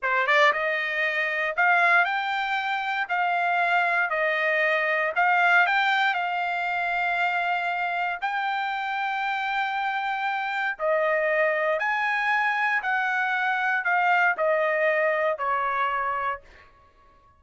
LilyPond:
\new Staff \with { instrumentName = "trumpet" } { \time 4/4 \tempo 4 = 117 c''8 d''8 dis''2 f''4 | g''2 f''2 | dis''2 f''4 g''4 | f''1 |
g''1~ | g''4 dis''2 gis''4~ | gis''4 fis''2 f''4 | dis''2 cis''2 | }